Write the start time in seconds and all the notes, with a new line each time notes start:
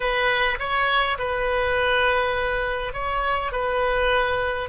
0.00 B4
0.59 C#5
1.18 B4
2.93 C#5
3.52 B4